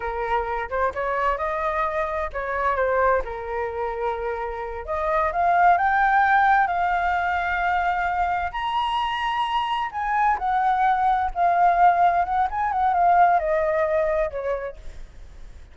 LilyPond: \new Staff \with { instrumentName = "flute" } { \time 4/4 \tempo 4 = 130 ais'4. c''8 cis''4 dis''4~ | dis''4 cis''4 c''4 ais'4~ | ais'2~ ais'8 dis''4 f''8~ | f''8 g''2 f''4.~ |
f''2~ f''8 ais''4.~ | ais''4. gis''4 fis''4.~ | fis''8 f''2 fis''8 gis''8 fis''8 | f''4 dis''2 cis''4 | }